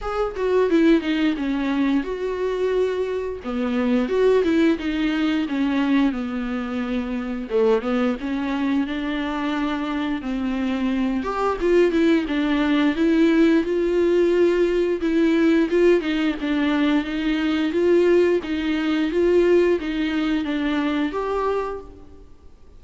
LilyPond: \new Staff \with { instrumentName = "viola" } { \time 4/4 \tempo 4 = 88 gis'8 fis'8 e'8 dis'8 cis'4 fis'4~ | fis'4 b4 fis'8 e'8 dis'4 | cis'4 b2 a8 b8 | cis'4 d'2 c'4~ |
c'8 g'8 f'8 e'8 d'4 e'4 | f'2 e'4 f'8 dis'8 | d'4 dis'4 f'4 dis'4 | f'4 dis'4 d'4 g'4 | }